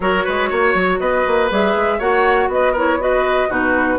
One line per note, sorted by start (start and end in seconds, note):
0.00 0.25 F#3
0.00 1.50 F#4
0.00 0.24 A#4
0.00 0.99 C#5
0.24 0.51 G#3
0.24 0.49 B4
0.49 0.74 A#3
0.49 0.99 C#5
0.74 0.99 F#3
0.99 1.24 B3
0.99 1.98 B4
0.99 1.49 D#5
1.27 1.50 A#3
1.50 1.75 G3
1.50 2.00 G#4
1.50 2.00 E5
1.75 1.99 G#3
1.98 2.48 A#3
1.98 2.75 F#4
1.98 2.48 C#5
1.98 2.50 F#5
2.48 3.48 B3
2.48 2.72 B4
2.48 2.76 D#5
2.72 2.99 E4
2.72 2.97 A#4
2.72 3.01 C#5
2.99 3.49 F#4
2.99 3.48 B4
2.99 3.50 D#5
3.48 3.98 B2
3.48 3.98 D#4
3.48 3.98 F#4
3.48 3.98 B4